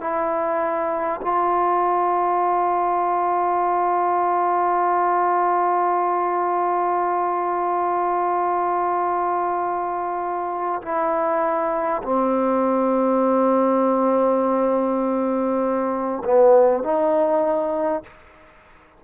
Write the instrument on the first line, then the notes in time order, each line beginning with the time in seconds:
trombone
0.00 E4
1.21 F4
10.82 E4
12.03 C4
16.24 B3
16.83 D#4